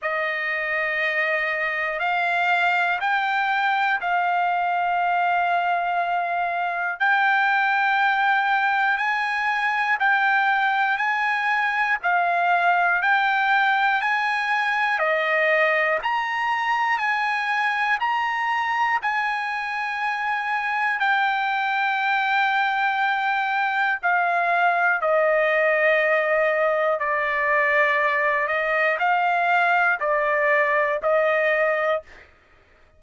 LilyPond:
\new Staff \with { instrumentName = "trumpet" } { \time 4/4 \tempo 4 = 60 dis''2 f''4 g''4 | f''2. g''4~ | g''4 gis''4 g''4 gis''4 | f''4 g''4 gis''4 dis''4 |
ais''4 gis''4 ais''4 gis''4~ | gis''4 g''2. | f''4 dis''2 d''4~ | d''8 dis''8 f''4 d''4 dis''4 | }